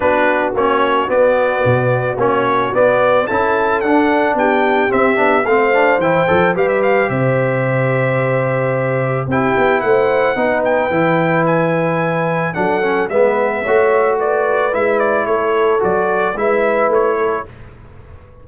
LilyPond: <<
  \new Staff \with { instrumentName = "trumpet" } { \time 4/4 \tempo 4 = 110 b'4 cis''4 d''2 | cis''4 d''4 a''4 fis''4 | g''4 e''4 f''4 g''4 | f''16 e''16 f''8 e''2.~ |
e''4 g''4 fis''4. g''8~ | g''4 gis''2 fis''4 | e''2 d''4 e''8 d''8 | cis''4 d''4 e''4 cis''4 | }
  \new Staff \with { instrumentName = "horn" } { \time 4/4 fis'1~ | fis'2 a'2 | g'2 c''2 | b'4 c''2.~ |
c''4 g'4 c''4 b'4~ | b'2. a'4 | b'4 cis''4 b'2 | a'2 b'4. a'8 | }
  \new Staff \with { instrumentName = "trombone" } { \time 4/4 d'4 cis'4 b2 | cis'4 b4 e'4 d'4~ | d'4 c'8 d'8 c'8 d'8 e'8 a'8 | g'1~ |
g'4 e'2 dis'4 | e'2. d'8 cis'8 | b4 fis'2 e'4~ | e'4 fis'4 e'2 | }
  \new Staff \with { instrumentName = "tuba" } { \time 4/4 b4 ais4 b4 b,4 | ais4 b4 cis'4 d'4 | b4 c'8 b8 a4 e8 f8 | g4 c2.~ |
c4 c'8 b8 a4 b4 | e2. fis4 | gis4 a2 gis4 | a4 fis4 gis4 a4 | }
>>